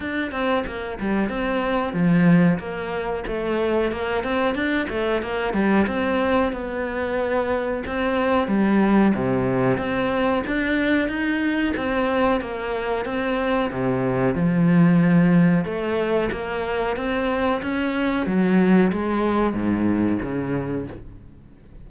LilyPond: \new Staff \with { instrumentName = "cello" } { \time 4/4 \tempo 4 = 92 d'8 c'8 ais8 g8 c'4 f4 | ais4 a4 ais8 c'8 d'8 a8 | ais8 g8 c'4 b2 | c'4 g4 c4 c'4 |
d'4 dis'4 c'4 ais4 | c'4 c4 f2 | a4 ais4 c'4 cis'4 | fis4 gis4 gis,4 cis4 | }